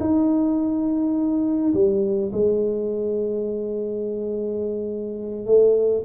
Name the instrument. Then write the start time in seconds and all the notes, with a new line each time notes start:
tuba
0.00 D#4
1.73 G3
2.33 G#3
5.46 A3